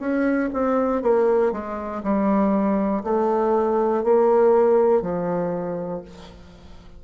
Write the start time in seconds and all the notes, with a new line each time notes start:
0.00 C#4
0.54 C4
1.02 A#3
1.53 G#3
2.03 G3
3.04 A3
4.04 A#3
5.02 F3